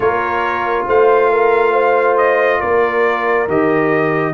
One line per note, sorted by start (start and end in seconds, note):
0.00 0.84 A#3
0.00 3.47 F4
0.00 0.86 A#4
0.00 0.86 C#5
0.86 2.61 A3
0.86 1.30 C5
0.86 2.17 F5
1.31 1.72 A#4
1.72 2.59 C5
2.17 2.60 D#5
2.60 3.47 A#3
2.60 4.33 A#4
2.60 3.47 D5
3.47 4.33 D#3
3.47 4.33 G4
3.47 4.33 D#5